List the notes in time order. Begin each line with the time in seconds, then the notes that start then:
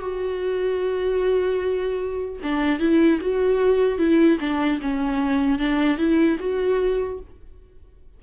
0.00 F#4
2.43 D4
2.80 E4
3.21 F#4
3.99 E4
4.40 D4
4.82 C#4
5.59 D4
5.98 E4
6.40 F#4